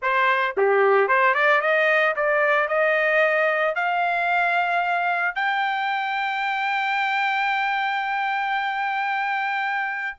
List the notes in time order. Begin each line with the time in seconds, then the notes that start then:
0.01 C5
0.57 G4
1.07 C5
1.34 D5
1.61 D#5
2.16 D5
2.68 D#5
3.75 F5
5.35 G5